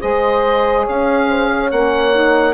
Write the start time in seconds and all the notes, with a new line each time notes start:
0.00 G#3 G#4 C5 D#5
0.84 C#4 C#5 F5
1.28 C5
1.50 C#5
1.71 A#3 C#4 F#5
2.13 D#4